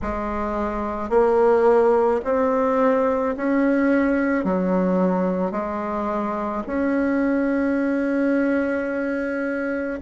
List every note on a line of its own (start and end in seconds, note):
0.02 1.09 G#3
1.09 2.20 A#3
2.24 3.35 C4
3.36 4.44 C#4
4.44 5.52 F#3
5.52 6.63 G#3
6.67 10.00 C#4